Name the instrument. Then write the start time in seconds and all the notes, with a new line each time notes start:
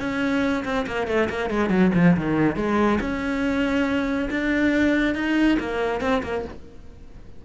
cello
0.00 C#4
0.65 C4
0.87 A#3
1.07 A3
1.30 A#3
1.50 G#3
1.70 F#3
1.95 F3
2.17 D#3
2.56 G#3
3.00 C#4
4.31 D4
5.15 D#4
5.60 A#3
6.01 C4
6.24 A#3